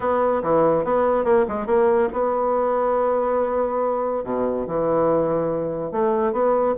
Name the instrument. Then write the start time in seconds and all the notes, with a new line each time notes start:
bassoon
0.00 B3
0.42 E3
0.84 B3
1.24 A#3
1.48 G#3
1.66 A#3
2.12 B3
4.24 B2
4.67 E3
5.91 A3
6.32 B3